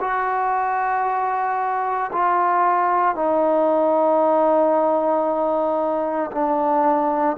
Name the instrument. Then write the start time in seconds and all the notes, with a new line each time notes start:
trombone
0.00 F#4
2.12 F4
3.15 D#4
6.32 D4